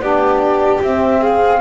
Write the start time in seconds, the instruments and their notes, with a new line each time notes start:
0.00 double bass B3, saxophone D4, violin G4, flute D5
0.82 double bass C4, saxophone C4, flute E5
1.21 violin G#4, flute F5